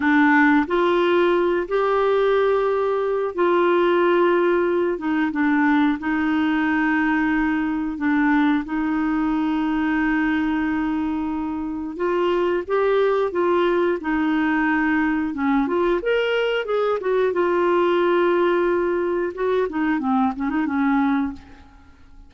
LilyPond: \new Staff \with { instrumentName = "clarinet" } { \time 4/4 \tempo 4 = 90 d'4 f'4. g'4.~ | g'4 f'2~ f'8 dis'8 | d'4 dis'2. | d'4 dis'2.~ |
dis'2 f'4 g'4 | f'4 dis'2 cis'8 f'8 | ais'4 gis'8 fis'8 f'2~ | f'4 fis'8 dis'8 c'8 cis'16 dis'16 cis'4 | }